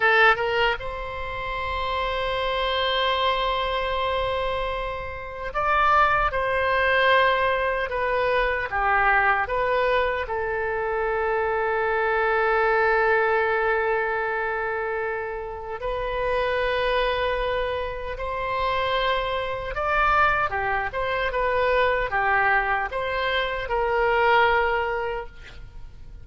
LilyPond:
\new Staff \with { instrumentName = "oboe" } { \time 4/4 \tempo 4 = 76 a'8 ais'8 c''2.~ | c''2. d''4 | c''2 b'4 g'4 | b'4 a'2.~ |
a'1 | b'2. c''4~ | c''4 d''4 g'8 c''8 b'4 | g'4 c''4 ais'2 | }